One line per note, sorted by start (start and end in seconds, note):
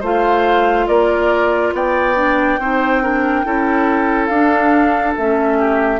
0.00 0.88 A3
0.00 2.15 F4
0.00 0.86 C5
0.00 0.87 F5
0.87 1.73 A#3
0.87 1.73 A#4
0.87 1.73 D5
1.73 2.58 B3
1.73 2.60 D5
1.73 4.27 G5
2.15 2.58 D4
2.58 3.44 C4
2.58 3.02 D#4
2.58 3.03 C5
3.02 3.45 D4
3.02 3.46 A#4
3.45 4.29 C#4
3.45 4.30 E4
3.45 5.58 A4
4.27 5.15 D4
4.27 5.12 F5
4.33 5.18 D4
5.17 6.00 A3
5.17 6.00 C#4
5.17 6.00 E5
5.58 6.00 G4